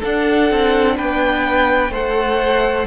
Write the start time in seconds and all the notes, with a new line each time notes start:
0.00 D4 A4 F#5
0.51 C4
0.96 B3 B4 G5
1.90 A3 A4 C5 F#5